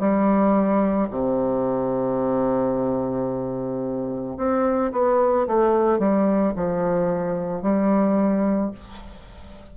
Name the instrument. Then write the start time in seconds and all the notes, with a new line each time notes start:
bassoon
0.00 G3
1.11 C3
4.37 C4
4.92 B3
5.47 A3
5.99 G3
6.56 F3
7.62 G3